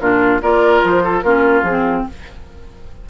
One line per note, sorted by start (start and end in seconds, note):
0.00 0.41 A#2
0.00 0.41 D4
0.00 0.41 F4
0.00 0.41 A#4
0.41 0.82 A#3
0.41 1.23 F4
0.41 1.03 A#4
0.41 0.83 D5
0.84 1.23 F3
0.84 1.21 C5
1.03 1.24 A4
1.21 1.62 A#3
1.21 1.64 C#4
1.21 2.05 F4
1.21 1.62 A#4
1.62 2.03 F3
1.62 2.09 C4
1.62 2.03 G#4